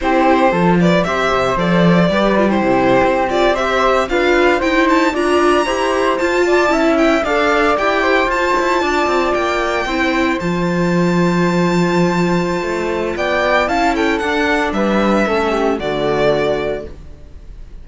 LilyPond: <<
  \new Staff \with { instrumentName = "violin" } { \time 4/4 \tempo 4 = 114 c''4. d''8 e''4 d''4~ | d''8. c''4. d''8 e''4 f''16~ | f''8. g''8 a''8 ais''2 a''16~ | a''4~ a''16 g''8 f''4 g''4 a''16~ |
a''4.~ a''16 g''2 a''16~ | a''1~ | a''4 g''4 a''8 g''8 fis''4 | e''2 d''2 | }
  \new Staff \with { instrumentName = "flute" } { \time 4/4 g'4 a'8 b'8 c''2 | b'8. g'2 c''4 b'16~ | b'8. c''4 d''4 c''4~ c''16~ | c''16 d''8 e''4 d''4. c''8.~ |
c''8. d''2 c''4~ c''16~ | c''1~ | c''4 d''4 f''8 a'4. | b'4 a'8 g'8 fis'2 | }
  \new Staff \with { instrumentName = "viola" } { \time 4/4 e'4 f'4 g'4 a'4 | g'8 f'16 e'4. f'8 g'4 f'16~ | f'8. e'4 f'4 g'4 f'16~ | f'8. e'4 a'4 g'4 f'16~ |
f'2~ f'8. e'4 f'16~ | f'1~ | f'2 e'4 d'4~ | d'4 cis'4 a2 | }
  \new Staff \with { instrumentName = "cello" } { \time 4/4 c'4 f4 c'8 c8 f4 | g4 c8. c'2 d'16~ | d'8. dis'4 d'4 e'4 f'16~ | f'8. cis'4 d'4 e'4 f'16~ |
f'16 e'8 d'8 c'8 ais4 c'4 f16~ | f1 | a4 b4 cis'4 d'4 | g4 a4 d2 | }
>>